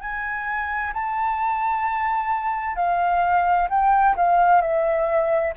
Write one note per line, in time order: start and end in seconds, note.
0.00 0.92 G#5
0.93 2.75 A5
2.75 3.68 F5
3.69 4.15 G5
4.16 4.61 F5
4.61 5.53 E5